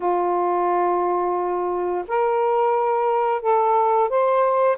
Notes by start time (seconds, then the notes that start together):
0.00 F4
2.07 A#4
3.41 A4
4.09 C5